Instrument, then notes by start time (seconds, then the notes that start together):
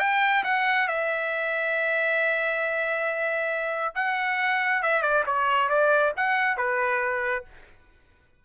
trumpet
0.00 G5
0.44 F#5
0.88 E5
3.96 F#5
4.83 E5
5.02 D5
5.27 C#5
5.69 D5
6.17 F#5
6.58 B4